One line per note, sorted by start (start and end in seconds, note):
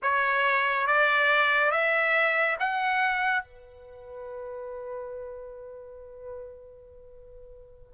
0.02 0.86 C#5
0.86 1.71 D5
1.71 2.56 E5
2.59 3.43 F#5
3.43 7.93 B4